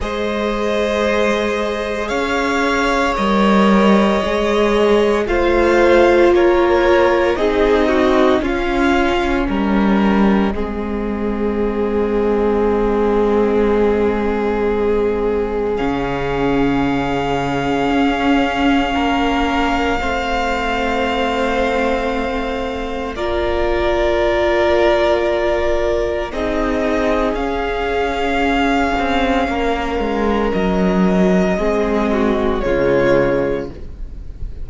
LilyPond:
<<
  \new Staff \with { instrumentName = "violin" } { \time 4/4 \tempo 4 = 57 dis''2 f''4 dis''4~ | dis''4 f''4 cis''4 dis''4 | f''4 dis''2.~ | dis''2. f''4~ |
f''1~ | f''2 d''2~ | d''4 dis''4 f''2~ | f''4 dis''2 cis''4 | }
  \new Staff \with { instrumentName = "violin" } { \time 4/4 c''2 cis''2~ | cis''4 c''4 ais'4 gis'8 fis'8 | f'4 ais'4 gis'2~ | gis'1~ |
gis'2 ais'4 c''4~ | c''2 ais'2~ | ais'4 gis'2. | ais'2 gis'8 fis'8 f'4 | }
  \new Staff \with { instrumentName = "viola" } { \time 4/4 gis'2. ais'4 | gis'4 f'2 dis'4 | cis'2 c'2~ | c'2. cis'4~ |
cis'2. c'4~ | c'2 f'2~ | f'4 dis'4 cis'2~ | cis'2 c'4 gis4 | }
  \new Staff \with { instrumentName = "cello" } { \time 4/4 gis2 cis'4 g4 | gis4 a4 ais4 c'4 | cis'4 g4 gis2~ | gis2. cis4~ |
cis4 cis'4 ais4 a4~ | a2 ais2~ | ais4 c'4 cis'4. c'8 | ais8 gis8 fis4 gis4 cis4 | }
>>